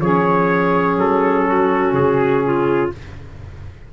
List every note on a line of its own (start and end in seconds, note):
0.00 0.97 F3
0.00 2.90 C#4
0.00 1.47 G#4
0.00 0.98 C#5
0.97 1.92 F#3
0.97 1.95 A4
1.47 2.44 F#4
1.92 2.89 C#3
1.92 2.91 G#4
2.45 2.93 F4